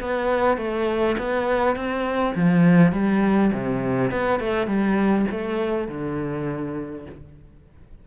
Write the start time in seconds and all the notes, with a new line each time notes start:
0.00 B3
0.57 A3
1.18 B3
1.76 C4
2.35 F3
2.92 G3
3.53 C3
4.11 B3
4.40 A3
4.67 G3
5.31 A3
5.88 D3